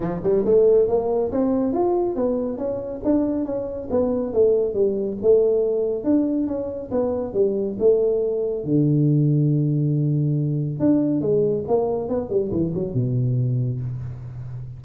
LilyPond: \new Staff \with { instrumentName = "tuba" } { \time 4/4 \tempo 4 = 139 f8 g8 a4 ais4 c'4 | f'4 b4 cis'4 d'4 | cis'4 b4 a4 g4 | a2 d'4 cis'4 |
b4 g4 a2 | d1~ | d4 d'4 gis4 ais4 | b8 g8 e8 fis8 b,2 | }